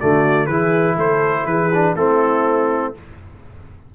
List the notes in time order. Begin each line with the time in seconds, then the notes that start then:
0.00 D3 A3 F#4 D5
0.46 E3 E4 G#4 B4
0.97 A3 A4 C5
1.45 E3 G#4 B4
1.74 D4
1.95 A3 C4 E4 A4